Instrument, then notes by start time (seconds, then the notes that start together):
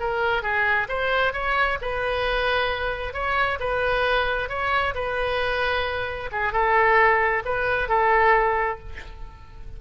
oboe
0.00 A#4
0.42 G#4
0.89 C5
1.33 C#5
1.81 B4
3.14 C#5
3.60 B4
4.49 C#5
4.95 B4
6.32 G#4
6.53 A4
7.45 B4
7.89 A4